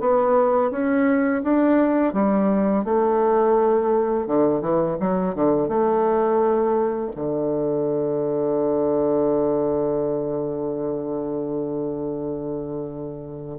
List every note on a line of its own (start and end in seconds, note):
0.00 0.71 B3
0.71 1.42 C#4
1.43 2.13 D4
2.13 2.84 G3
2.84 4.27 A3
4.27 4.61 D3
4.61 4.97 E3
5.00 5.34 F#3
5.34 5.68 D3
5.68 7.11 A3
7.15 13.58 D3